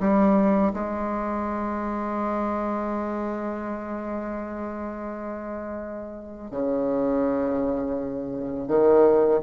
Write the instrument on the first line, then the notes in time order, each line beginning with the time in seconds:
bassoon
0.00 G3
0.73 G#3
6.51 C#3
8.67 D#3